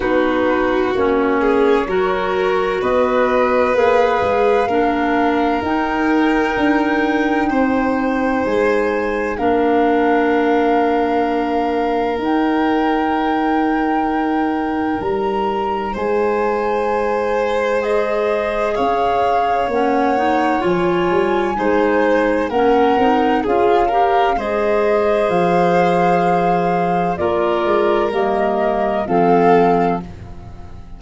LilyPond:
<<
  \new Staff \with { instrumentName = "flute" } { \time 4/4 \tempo 4 = 64 b'4 cis''2 dis''4 | f''2 g''2~ | g''4 gis''4 f''2~ | f''4 g''2. |
ais''4 gis''2 dis''4 | f''4 fis''4 gis''2 | fis''4 f''4 dis''4 f''4~ | f''4 d''4 dis''4 f''4 | }
  \new Staff \with { instrumentName = "violin" } { \time 4/4 fis'4. gis'8 ais'4 b'4~ | b'4 ais'2. | c''2 ais'2~ | ais'1~ |
ais'4 c''2. | cis''2. c''4 | ais'4 gis'8 ais'8 c''2~ | c''4 ais'2 a'4 | }
  \new Staff \with { instrumentName = "clarinet" } { \time 4/4 dis'4 cis'4 fis'2 | gis'4 d'4 dis'2~ | dis'2 d'2~ | d'4 dis'2.~ |
dis'2. gis'4~ | gis'4 cis'8 dis'8 f'4 dis'4 | cis'8 dis'8 f'8 g'8 gis'2~ | gis'4 f'4 ais4 c'4 | }
  \new Staff \with { instrumentName = "tuba" } { \time 4/4 b4 ais4 fis4 b4 | ais8 gis8 ais4 dis'4 d'4 | c'4 gis4 ais2~ | ais4 dis'2. |
g4 gis2. | cis'4 ais4 f8 g8 gis4 | ais8 c'8 cis'4 gis4 f4~ | f4 ais8 gis8 g4 f4 | }
>>